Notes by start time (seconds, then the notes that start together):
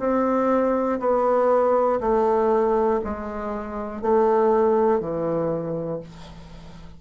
0.00 C4
1.00 B3
2.01 A3
3.05 G#3
4.02 A3
5.01 E3